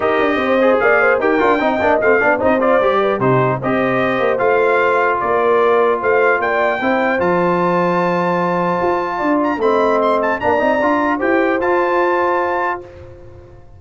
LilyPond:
<<
  \new Staff \with { instrumentName = "trumpet" } { \time 4/4 \tempo 4 = 150 dis''2 f''4 g''4~ | g''4 f''4 dis''8 d''4. | c''4 dis''2 f''4~ | f''4 d''2 f''4 |
g''2 a''2~ | a''2.~ a''8 ais''8 | b''4 c'''8 a''8 ais''2 | g''4 a''2. | }
  \new Staff \with { instrumentName = "horn" } { \time 4/4 ais'4 c''4 d''8 c''8 ais'4 | dis''4. d''8 c''4. b'8 | g'4 c''2.~ | c''4 ais'2 c''4 |
d''4 c''2.~ | c''2. d''4 | dis''2 d''2 | c''1 | }
  \new Staff \with { instrumentName = "trombone" } { \time 4/4 g'4. gis'4. g'8 f'8 | dis'8 d'8 c'8 d'8 dis'8 f'8 g'4 | dis'4 g'2 f'4~ | f'1~ |
f'4 e'4 f'2~ | f'1 | c'2 d'8 dis'8 f'4 | g'4 f'2. | }
  \new Staff \with { instrumentName = "tuba" } { \time 4/4 dis'8 d'8 c'4 ais4 dis'8 d'8 | c'8 ais8 a8 b8 c'4 g4 | c4 c'4. ais8 a4~ | a4 ais2 a4 |
ais4 c'4 f2~ | f2 f'4 d'4 | a2 ais8 c'8 d'4 | e'4 f'2. | }
>>